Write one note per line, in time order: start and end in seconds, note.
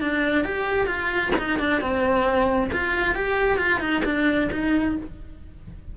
0.00 0.44 D4
0.44 0.86 G4
0.86 1.31 F4
1.38 1.59 D#4
1.59 1.81 D4
1.81 2.70 C4
2.72 3.14 F4
3.14 3.57 G4
3.57 3.80 F4
3.80 4.02 D#4
4.05 4.49 D4
4.52 4.96 D#4